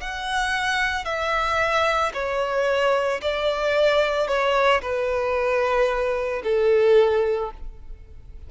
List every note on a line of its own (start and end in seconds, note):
0.00 1.05 F#5
1.05 2.12 E5
2.13 3.20 C#5
3.21 4.27 D5
4.27 4.81 C#5
4.81 6.42 B4
6.43 7.50 A4